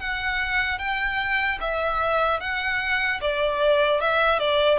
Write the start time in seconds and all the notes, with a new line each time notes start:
0.00 F#5
0.79 G5
1.61 E5
2.40 F#5
3.21 D5
4.01 E5
4.39 D5